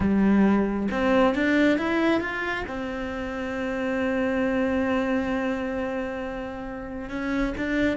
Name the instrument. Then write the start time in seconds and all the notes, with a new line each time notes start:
cello
0.00 G3
0.91 C4
1.34 D4
1.78 E4
2.20 F4
2.67 C4
7.09 C#4
7.57 D4